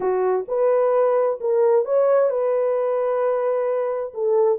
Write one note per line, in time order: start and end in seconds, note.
0.00 0.45 F#4
0.48 1.39 B4
1.40 1.85 A#4
1.85 2.30 C#5
2.30 4.13 B4
4.14 4.58 A4